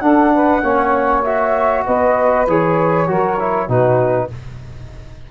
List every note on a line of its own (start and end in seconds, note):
0.00 0.63 D4
0.00 0.33 A4
0.00 1.22 F#5
0.34 0.62 B4
0.62 1.85 A#3
0.62 1.25 C#4
0.62 1.85 C#5
1.24 2.48 F#4
1.24 1.85 E5
1.86 2.47 B3
1.86 3.08 B4
1.86 2.47 D#5
2.47 3.09 E3
2.47 3.07 G#4
2.47 3.70 C#5
3.07 3.68 F#3
3.07 3.38 F#4
3.07 3.67 A#4
3.40 3.69 E4
3.67 4.30 B2
3.67 4.30 D#4
3.67 4.28 F#4
3.67 4.31 B4